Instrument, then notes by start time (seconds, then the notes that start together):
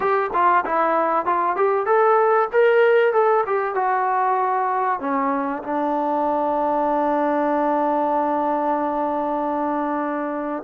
trombone
0.00 G4
0.33 F4
0.65 E4
1.25 F4
1.56 G4
1.86 A4
2.52 A#4
3.13 A4
3.46 G4
3.74 F#4
5.00 C#4
5.62 D4